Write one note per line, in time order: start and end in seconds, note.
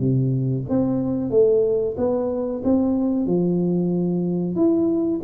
0.00 0.65 C3
0.69 1.31 C4
1.31 1.96 A3
1.97 2.63 B3
2.64 3.26 C4
3.26 4.56 F3
4.56 5.21 E4